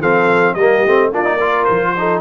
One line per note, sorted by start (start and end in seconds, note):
0.00 0.55 F3
0.00 0.58 C4
0.00 0.56 A4
0.00 0.54 F5
0.54 0.83 G3
0.54 0.87 A#3
0.54 1.12 G4
0.54 1.10 D#5
0.86 1.12 A3
0.86 1.13 C4
1.12 1.67 A#3
1.12 1.24 D4
1.12 1.36 F4
1.12 1.64 D5
1.24 1.38 D#4
1.36 1.96 F4
1.36 1.91 A#4
1.64 2.21 F3
1.64 2.20 C5
1.97 2.21 D#4
1.97 2.21 A4